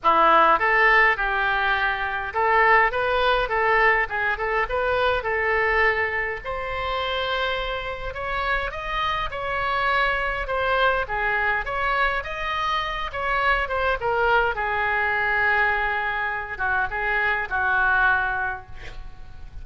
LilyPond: \new Staff \with { instrumentName = "oboe" } { \time 4/4 \tempo 4 = 103 e'4 a'4 g'2 | a'4 b'4 a'4 gis'8 a'8 | b'4 a'2 c''4~ | c''2 cis''4 dis''4 |
cis''2 c''4 gis'4 | cis''4 dis''4. cis''4 c''8 | ais'4 gis'2.~ | gis'8 fis'8 gis'4 fis'2 | }